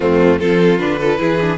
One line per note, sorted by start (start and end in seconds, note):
0.00 0.40 F2
0.00 0.40 A3
0.00 0.39 C4
0.00 0.38 F4
0.38 0.79 F3
0.38 0.79 C4
0.38 0.99 F4
0.38 0.78 A4
0.78 1.19 D3
0.78 0.99 D4
0.78 1.58 B4
0.99 1.17 F4
0.99 1.19 A4
1.17 1.58 E3
1.17 1.37 E4
1.17 1.58 G#4
1.41 1.58 D4